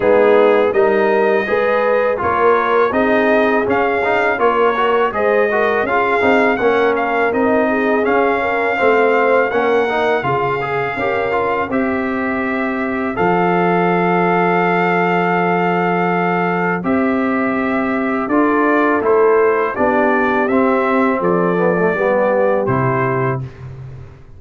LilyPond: <<
  \new Staff \with { instrumentName = "trumpet" } { \time 4/4 \tempo 4 = 82 gis'4 dis''2 cis''4 | dis''4 f''4 cis''4 dis''4 | f''4 fis''8 f''8 dis''4 f''4~ | f''4 fis''4 f''2 |
e''2 f''2~ | f''2. e''4~ | e''4 d''4 c''4 d''4 | e''4 d''2 c''4 | }
  \new Staff \with { instrumentName = "horn" } { \time 4/4 dis'4 ais'4 b'4 ais'4 | gis'2 ais'4 c''8 ais'8 | gis'4 ais'4. gis'4 ais'8 | c''4 ais'4 gis'4 ais'4 |
c''1~ | c''1~ | c''4 a'2 g'4~ | g'4 a'4 g'2 | }
  \new Staff \with { instrumentName = "trombone" } { \time 4/4 b4 dis'4 gis'4 f'4 | dis'4 cis'8 dis'8 f'8 fis'8 gis'8 fis'8 | f'8 dis'8 cis'4 dis'4 cis'4 | c'4 cis'8 dis'8 f'8 gis'8 g'8 f'8 |
g'2 a'2~ | a'2. g'4~ | g'4 f'4 e'4 d'4 | c'4. b16 a16 b4 e'4 | }
  \new Staff \with { instrumentName = "tuba" } { \time 4/4 gis4 g4 gis4 ais4 | c'4 cis'4 ais4 gis4 | cis'8 c'8 ais4 c'4 cis'4 | a4 ais4 cis4 cis'4 |
c'2 f2~ | f2. c'4~ | c'4 d'4 a4 b4 | c'4 f4 g4 c4 | }
>>